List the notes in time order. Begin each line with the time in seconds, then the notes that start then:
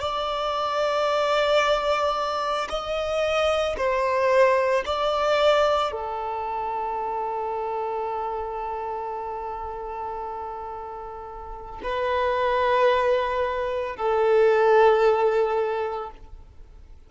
0.00 D5
2.69 D#5
3.77 C5
4.86 D5
5.92 A4
11.83 B4
13.96 A4